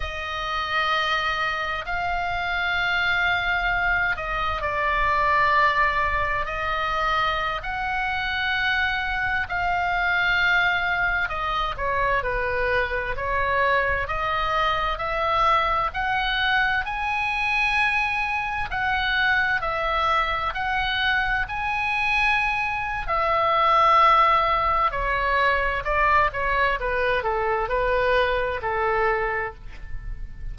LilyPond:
\new Staff \with { instrumentName = "oboe" } { \time 4/4 \tempo 4 = 65 dis''2 f''2~ | f''8 dis''8 d''2 dis''4~ | dis''16 fis''2 f''4.~ f''16~ | f''16 dis''8 cis''8 b'4 cis''4 dis''8.~ |
dis''16 e''4 fis''4 gis''4.~ gis''16~ | gis''16 fis''4 e''4 fis''4 gis''8.~ | gis''4 e''2 cis''4 | d''8 cis''8 b'8 a'8 b'4 a'4 | }